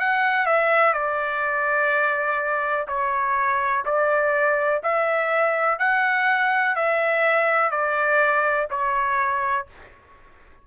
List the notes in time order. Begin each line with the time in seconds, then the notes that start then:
0.00 F#5
0.46 E5
0.94 D5
2.88 C#5
3.85 D5
4.83 E5
5.79 F#5
6.76 E5
7.71 D5
8.71 C#5